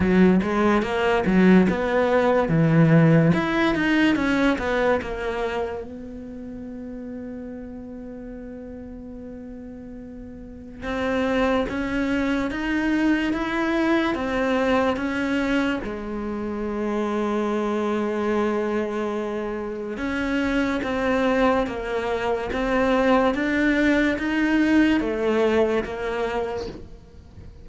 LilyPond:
\new Staff \with { instrumentName = "cello" } { \time 4/4 \tempo 4 = 72 fis8 gis8 ais8 fis8 b4 e4 | e'8 dis'8 cis'8 b8 ais4 b4~ | b1~ | b4 c'4 cis'4 dis'4 |
e'4 c'4 cis'4 gis4~ | gis1 | cis'4 c'4 ais4 c'4 | d'4 dis'4 a4 ais4 | }